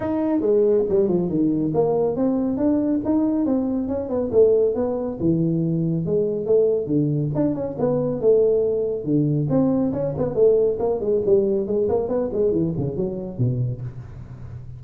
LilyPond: \new Staff \with { instrumentName = "tuba" } { \time 4/4 \tempo 4 = 139 dis'4 gis4 g8 f8 dis4 | ais4 c'4 d'4 dis'4 | c'4 cis'8 b8 a4 b4 | e2 gis4 a4 |
d4 d'8 cis'8 b4 a4~ | a4 d4 c'4 cis'8 b8 | a4 ais8 gis8 g4 gis8 ais8 | b8 gis8 e8 cis8 fis4 b,4 | }